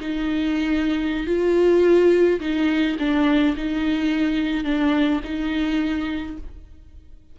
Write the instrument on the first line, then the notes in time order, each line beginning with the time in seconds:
viola
0.00 D#4
1.26 F4
2.40 D#4
2.99 D4
3.56 D#4
4.64 D4
5.24 D#4